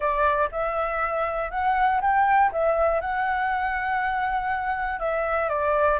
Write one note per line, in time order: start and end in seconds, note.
0.00 0.49 D5
0.51 1.50 E5
1.50 2.00 F#5
2.01 2.51 G5
2.51 3.00 E5
3.00 4.99 F#5
4.99 5.49 E5
5.49 5.99 D5